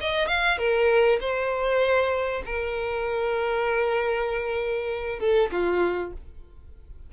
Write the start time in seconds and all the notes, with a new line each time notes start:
0.00 D#5
0.27 F5
0.58 A#4
1.20 C5
2.45 A#4
5.20 A4
5.51 F4